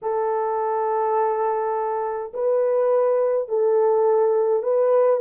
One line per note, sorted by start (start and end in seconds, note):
0.02 2.32 A4
2.33 3.48 B4
3.48 4.62 A4
4.62 5.20 B4